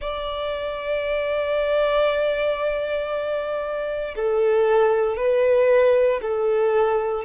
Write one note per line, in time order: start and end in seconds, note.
0.00 4.14 D5
4.15 5.16 A4
5.16 6.20 B4
6.21 7.24 A4